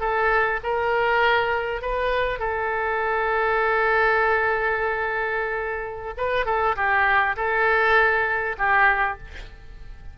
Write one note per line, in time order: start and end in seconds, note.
0.00 0.60 A4
0.64 1.82 A#4
1.82 2.39 B4
2.39 6.14 A4
6.18 6.46 B4
6.46 6.76 A4
6.76 7.36 G4
7.37 8.57 A4
8.58 9.18 G4